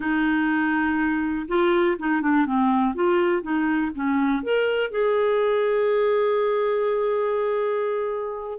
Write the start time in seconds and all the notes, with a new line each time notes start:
0.00 D#4
1.48 F4
1.99 D#4
2.21 D4
2.46 C4
2.94 F4
3.42 D#4
3.94 C#4
4.43 A#4
4.90 G#4